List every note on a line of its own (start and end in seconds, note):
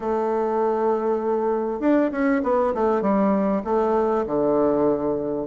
0.00 1.80 A3
1.80 2.10 D4
2.11 2.42 C#4
2.43 2.73 B3
2.74 3.01 A3
3.01 3.62 G3
3.64 4.25 A3
4.26 5.46 D3